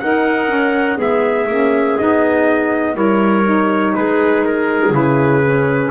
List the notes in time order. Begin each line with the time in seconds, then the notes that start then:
0.00 D#4 A#4 F#5
0.49 C#4
0.97 G#3 B3 G#4 E5
1.47 A#3 C#4
1.98 B3 D#4 D#5
2.94 G3 E4 A#4 C#5
3.45 D#4
3.96 G#3 G#4 B4
4.45 A#4
4.90 C#3 E4 B4
5.44 C#4